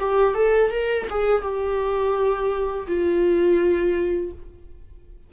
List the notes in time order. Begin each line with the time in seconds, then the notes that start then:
0.00 G4
0.35 A4
0.71 A#4
1.10 G#4
1.43 G4
2.88 F4